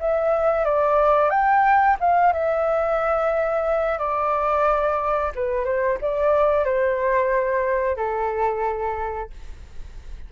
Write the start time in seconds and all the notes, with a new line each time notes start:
0.00 E5
0.65 D5
1.30 G5
2.00 F5
2.33 E5
3.98 D5
5.35 B4
5.65 C5
6.01 D5
6.65 C5
7.96 A4